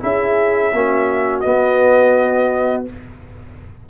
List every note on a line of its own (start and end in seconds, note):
0.00 0.73 C#4
0.00 0.71 E4
0.00 0.75 G#4
0.00 1.40 E5
0.73 1.44 A#3
0.73 1.44 C#4
0.73 2.90 F#4
1.40 2.86 B3
1.40 2.88 B3
1.40 2.83 D#5